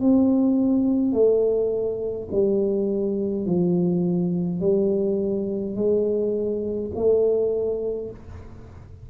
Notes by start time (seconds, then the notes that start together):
0.00 C4
1.13 A3
2.31 G3
3.46 F3
4.60 G3
5.75 G#3
6.95 A3